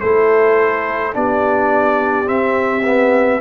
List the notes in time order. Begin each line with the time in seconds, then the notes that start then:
0.00 A3 E4 A4 C5
1.13 B3 D4 G4 D5
2.25 C4 E5
2.84 B3